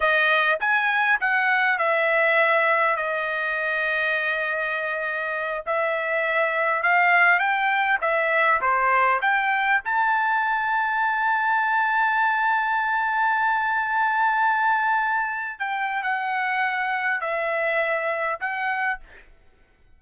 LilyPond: \new Staff \with { instrumentName = "trumpet" } { \time 4/4 \tempo 4 = 101 dis''4 gis''4 fis''4 e''4~ | e''4 dis''2.~ | dis''4. e''2 f''8~ | f''8 g''4 e''4 c''4 g''8~ |
g''8 a''2.~ a''8~ | a''1~ | a''2~ a''16 g''8. fis''4~ | fis''4 e''2 fis''4 | }